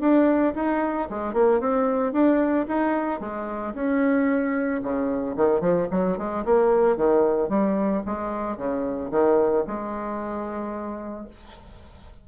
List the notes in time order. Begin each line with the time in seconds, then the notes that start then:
0.00 D4
0.55 D#4
1.10 G#3
1.33 A#3
1.60 C4
2.13 D4
2.67 D#4
3.20 G#3
3.74 C#4
4.82 C#3
5.36 D#3
5.61 F3
5.91 F#3
6.18 G#3
6.45 A#3
6.97 D#3
7.49 G3
8.06 G#3
8.57 C#3
9.11 D#3
9.67 G#3